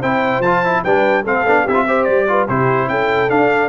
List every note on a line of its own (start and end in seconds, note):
0.00 0.40 C4
0.00 0.44 E4
0.00 0.82 C5
0.00 0.42 G5
0.40 0.81 F3
0.40 0.65 F4
0.40 0.83 A5
0.65 0.86 E4
0.84 1.26 G3
0.84 1.26 D4
0.84 1.24 B4
0.84 1.25 G5
1.24 1.46 A3
1.24 1.46 C4
1.24 1.64 A4
1.24 1.68 F5
1.46 1.67 B3
1.46 1.68 D4
1.64 2.08 C4
1.64 1.74 E4
1.64 1.85 G4
1.64 2.04 E5
1.74 1.85 F4
1.88 2.28 G4
1.88 2.29 C5
2.04 2.49 G3
2.04 2.46 D5
2.28 2.49 F4
2.28 2.48 B4
2.48 2.89 C3
2.48 3.29 E4
2.48 2.89 G4
2.48 2.89 C5
2.89 3.30 C#4
2.89 3.69 A4
2.89 3.30 G5
3.29 3.69 D4
3.29 3.69 F5